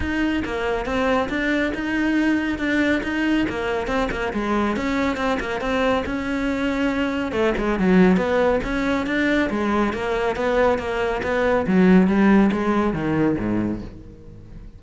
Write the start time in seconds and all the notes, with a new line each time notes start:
0.00 D#4
0.44 A#3
0.85 C4
1.29 D4
1.74 D#4
2.58 D4
3.03 D#4
3.49 A#3
3.87 C4
4.11 A#3
4.33 G#3
4.76 C#4
5.16 C4
5.40 A#3
5.60 C4
6.05 C#4
7.32 A3
7.57 G#3
7.79 F#3
8.17 B3
8.63 C#4
9.06 D4
9.49 G#3
9.93 A#3
10.36 B3
10.78 A#3
11.22 B3
11.66 F#3
12.07 G3
12.52 G#3
12.93 D#3
13.38 G#2